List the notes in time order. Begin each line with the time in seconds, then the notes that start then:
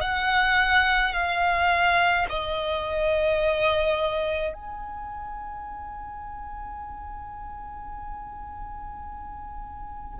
0.00 F#5
1.13 F5
2.29 D#5
4.53 G#5